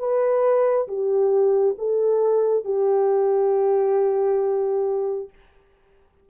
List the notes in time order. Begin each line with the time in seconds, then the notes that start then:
0.00 B4
0.88 G4
1.79 A4
2.65 G4